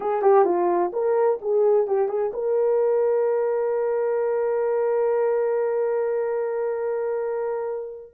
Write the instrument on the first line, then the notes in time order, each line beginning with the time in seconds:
horn
0.00 G#4
0.22 G4
0.45 F4
0.92 A#4
1.41 G#4
1.87 G4
2.08 G#4
2.33 A#4